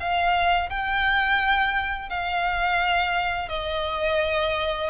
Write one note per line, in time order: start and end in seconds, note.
0.00 0.70 F5
0.70 2.10 G5
2.10 3.49 F5
3.49 4.90 D#5